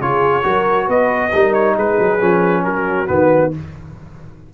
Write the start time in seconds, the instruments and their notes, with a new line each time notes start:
0.00 tuba C#3, trombone F4, horn G#4, trumpet C#5
0.42 tuba F#3, trombone F#4, horn A#4
0.86 tuba B3, horn B4, trumpet D#5
1.33 tuba G3, trombone D#4, horn A#4
1.53 trumpet C#5
1.75 tuba G#3, horn G#4, trumpet B4
1.99 tuba F#3
2.19 tuba F3, trombone C#4
2.64 tuba F#3, horn F#4, trumpet A#4
3.07 tuba D#3, trombone B3, trumpet B4